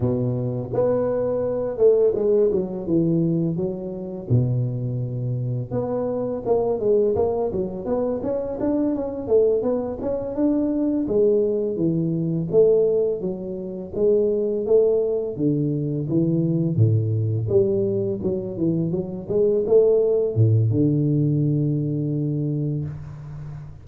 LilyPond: \new Staff \with { instrumentName = "tuba" } { \time 4/4 \tempo 4 = 84 b,4 b4. a8 gis8 fis8 | e4 fis4 b,2 | b4 ais8 gis8 ais8 fis8 b8 cis'8 | d'8 cis'8 a8 b8 cis'8 d'4 gis8~ |
gis8 e4 a4 fis4 gis8~ | gis8 a4 d4 e4 a,8~ | a,8 g4 fis8 e8 fis8 gis8 a8~ | a8 a,8 d2. | }